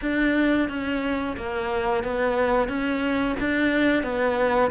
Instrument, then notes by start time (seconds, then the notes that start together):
cello
0.01 D4
0.68 C#4
1.36 A#3
2.03 B3
2.68 C#4
3.40 D4
4.03 B3